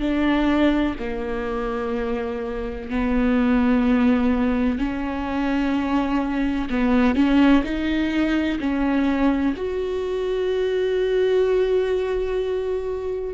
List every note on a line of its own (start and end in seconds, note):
0.00 0.95 D4
0.99 2.90 A#3
2.90 4.78 B3
4.78 6.69 C#4
6.69 7.15 B3
7.15 7.62 C#4
7.63 8.58 D#4
8.59 9.55 C#4
9.56 13.34 F#4